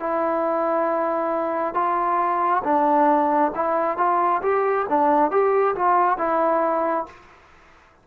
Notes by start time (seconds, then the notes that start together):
0.00 E4
1.74 F4
2.64 D4
3.55 E4
3.97 F4
4.42 G4
4.89 D4
5.31 G4
5.76 F4
6.18 E4